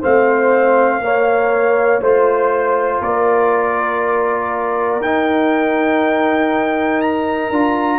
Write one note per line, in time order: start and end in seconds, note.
0.00 0.99 A3
0.00 1.01 C4
0.00 1.00 C5
0.00 2.03 F5
0.99 1.99 A#3
0.99 2.01 A#3
0.99 2.01 C#5
2.00 3.00 A3
2.00 5.01 F4
2.00 3.01 C5
2.00 3.02 C5
3.01 5.00 A#3
3.01 7.99 A#4
3.01 5.02 D5
5.00 7.50 D#4
5.00 7.53 D#4
5.00 7.01 G5
7.01 7.99 A#5
7.50 7.99 D4
7.50 7.99 F4